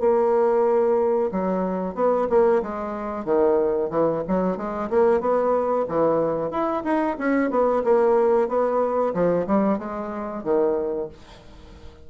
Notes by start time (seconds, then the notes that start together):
0.00 A#3
1.32 F#3
1.95 B3
2.29 A#3
2.62 G#3
3.25 D#3
3.90 E3
4.27 F#3
4.57 G#3
4.90 A#3
5.21 B3
5.88 E3
6.51 E4
6.84 D#4
7.18 C#4
7.50 B3
7.84 A#3
8.48 B3
9.14 F3
9.47 G3
9.78 G#3
10.44 D#3